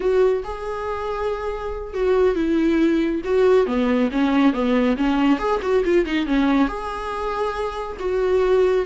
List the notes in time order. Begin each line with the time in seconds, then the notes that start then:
0.00 F#4
0.44 G#4
1.93 F#4
2.35 E4
3.24 F#4
3.66 B3
4.11 C#4
4.53 B3
4.96 C#4
5.38 G#4
5.61 F#4
5.84 F4
6.05 D#4
6.26 C#4
6.67 G#4
7.99 F#4